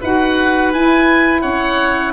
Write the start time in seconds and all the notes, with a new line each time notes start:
0.00 D#4 F#4 B4 F#5
0.73 E4 G#5
1.41 C#4 C#5 F#5